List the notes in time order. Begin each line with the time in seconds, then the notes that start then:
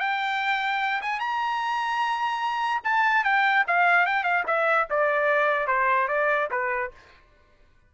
0.00 G5
1.02 G#5
1.20 A#5
2.84 A5
3.24 G5
3.67 F5
4.06 G5
4.24 F5
4.47 E5
4.90 D5
5.68 C5
6.08 D5
6.51 B4